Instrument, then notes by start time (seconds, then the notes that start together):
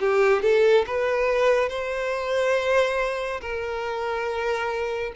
violin
0.00 G4
0.42 A4
0.87 B4
1.69 C5
3.42 A#4